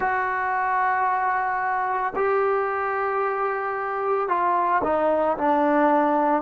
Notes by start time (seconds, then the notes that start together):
0.00 F#4
2.15 G4
4.28 F4
4.83 D#4
5.37 D4